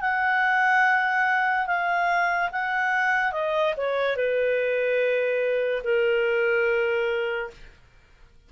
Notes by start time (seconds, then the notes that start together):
0.00 F#5
1.66 F5
2.52 F#5
3.32 D#5
3.77 C#5
4.16 B4
5.83 A#4